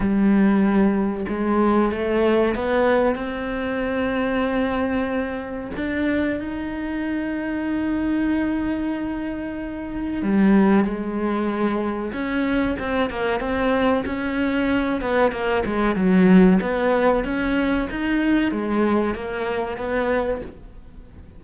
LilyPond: \new Staff \with { instrumentName = "cello" } { \time 4/4 \tempo 4 = 94 g2 gis4 a4 | b4 c'2.~ | c'4 d'4 dis'2~ | dis'1 |
g4 gis2 cis'4 | c'8 ais8 c'4 cis'4. b8 | ais8 gis8 fis4 b4 cis'4 | dis'4 gis4 ais4 b4 | }